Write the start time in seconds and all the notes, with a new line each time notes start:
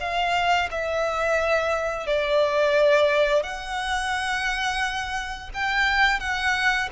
0.00 F5
0.71 E5
2.06 D5
3.43 F#5
5.54 G5
6.20 F#5